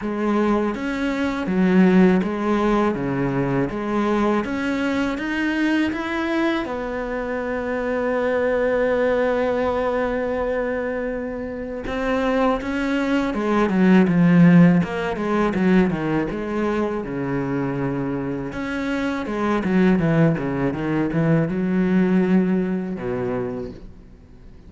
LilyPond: \new Staff \with { instrumentName = "cello" } { \time 4/4 \tempo 4 = 81 gis4 cis'4 fis4 gis4 | cis4 gis4 cis'4 dis'4 | e'4 b2.~ | b1 |
c'4 cis'4 gis8 fis8 f4 | ais8 gis8 fis8 dis8 gis4 cis4~ | cis4 cis'4 gis8 fis8 e8 cis8 | dis8 e8 fis2 b,4 | }